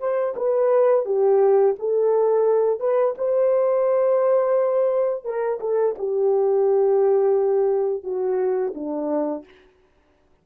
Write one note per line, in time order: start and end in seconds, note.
0.00 0.35 C5
0.37 1.06 B4
1.06 1.76 G4
1.79 2.80 A4
2.80 3.15 B4
3.18 5.25 C5
5.25 5.60 A#4
5.61 5.96 A4
5.99 8.04 G4
8.04 8.74 F#4
8.75 9.45 D4